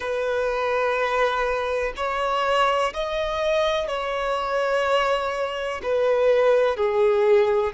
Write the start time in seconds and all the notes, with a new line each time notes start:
0.00 B4
1.96 C#5
2.93 D#5
3.87 C#5
5.82 B4
6.76 G#4